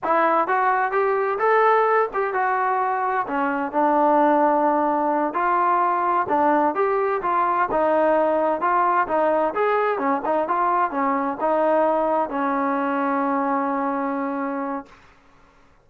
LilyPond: \new Staff \with { instrumentName = "trombone" } { \time 4/4 \tempo 4 = 129 e'4 fis'4 g'4 a'4~ | a'8 g'8 fis'2 cis'4 | d'2.~ d'8 f'8~ | f'4. d'4 g'4 f'8~ |
f'8 dis'2 f'4 dis'8~ | dis'8 gis'4 cis'8 dis'8 f'4 cis'8~ | cis'8 dis'2 cis'4.~ | cis'1 | }